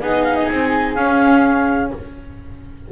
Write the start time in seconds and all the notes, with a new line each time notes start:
0.00 B3 D#4 G#4 D#5
0.24 F5
0.35 D#5
0.46 C4 G#5
0.94 C#4 F5